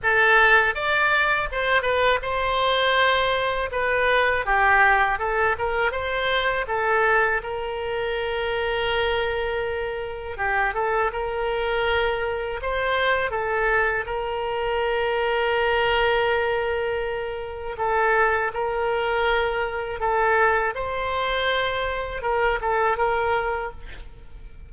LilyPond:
\new Staff \with { instrumentName = "oboe" } { \time 4/4 \tempo 4 = 81 a'4 d''4 c''8 b'8 c''4~ | c''4 b'4 g'4 a'8 ais'8 | c''4 a'4 ais'2~ | ais'2 g'8 a'8 ais'4~ |
ais'4 c''4 a'4 ais'4~ | ais'1 | a'4 ais'2 a'4 | c''2 ais'8 a'8 ais'4 | }